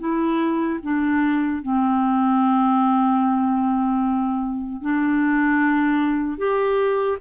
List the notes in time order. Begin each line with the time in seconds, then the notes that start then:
0.00 E4
0.83 D4
1.63 C4
4.82 D4
6.38 G4